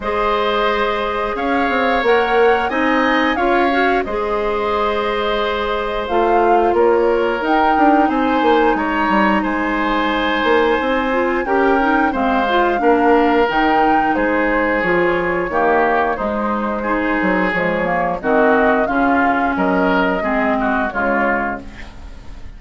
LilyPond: <<
  \new Staff \with { instrumentName = "flute" } { \time 4/4 \tempo 4 = 89 dis''2 f''4 fis''4 | gis''4 f''4 dis''2~ | dis''4 f''4 cis''4 g''4 | gis''4 ais''4 gis''2~ |
gis''4 g''4 f''2 | g''4 c''4 cis''2 | c''2 cis''4 dis''4 | f''4 dis''2 cis''4 | }
  \new Staff \with { instrumentName = "oboe" } { \time 4/4 c''2 cis''2 | dis''4 cis''4 c''2~ | c''2 ais'2 | c''4 cis''4 c''2~ |
c''4 ais'4 c''4 ais'4~ | ais'4 gis'2 g'4 | dis'4 gis'2 fis'4 | f'4 ais'4 gis'8 fis'8 f'4 | }
  \new Staff \with { instrumentName = "clarinet" } { \time 4/4 gis'2. ais'4 | dis'4 f'8 fis'8 gis'2~ | gis'4 f'2 dis'4~ | dis'1~ |
dis'8 f'8 g'8 dis'8 c'8 f'8 d'4 | dis'2 f'4 ais4 | gis4 dis'4 gis8 ais8 c'4 | cis'2 c'4 gis4 | }
  \new Staff \with { instrumentName = "bassoon" } { \time 4/4 gis2 cis'8 c'8 ais4 | c'4 cis'4 gis2~ | gis4 a4 ais4 dis'8 d'8 | c'8 ais8 gis8 g8 gis4. ais8 |
c'4 cis'4 gis4 ais4 | dis4 gis4 f4 dis4 | gis4. fis8 f4 dis4 | cis4 fis4 gis4 cis4 | }
>>